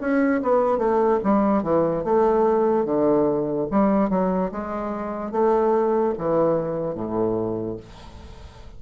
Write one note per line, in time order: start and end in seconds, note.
0.00 0.41 C#4
0.43 0.78 B3
0.78 1.19 A3
1.23 1.63 G3
1.63 2.04 E3
2.04 2.85 A3
2.85 3.67 D3
3.71 4.09 G3
4.09 4.51 F#3
4.52 5.32 G#3
5.32 6.14 A3
6.18 6.95 E3
6.95 7.77 A2